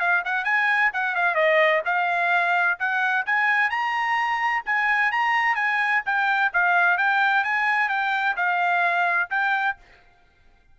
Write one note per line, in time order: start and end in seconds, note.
0.00 0.23 F5
0.25 0.45 F#5
0.45 0.91 G#5
0.94 1.15 F#5
1.15 1.35 F5
1.35 1.82 D#5
1.86 2.79 F5
2.79 3.26 F#5
3.26 3.71 G#5
3.71 4.64 A#5
4.66 5.12 G#5
5.12 5.56 A#5
5.56 6.02 G#5
6.06 6.53 G5
6.53 6.98 F5
6.98 7.44 G5
7.44 7.89 G#5
7.89 8.36 G5
8.37 9.30 F5
9.31 9.77 G5